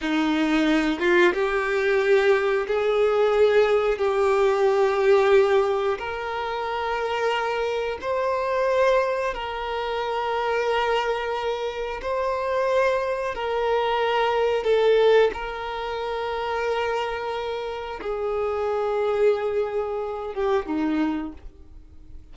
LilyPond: \new Staff \with { instrumentName = "violin" } { \time 4/4 \tempo 4 = 90 dis'4. f'8 g'2 | gis'2 g'2~ | g'4 ais'2. | c''2 ais'2~ |
ais'2 c''2 | ais'2 a'4 ais'4~ | ais'2. gis'4~ | gis'2~ gis'8 g'8 dis'4 | }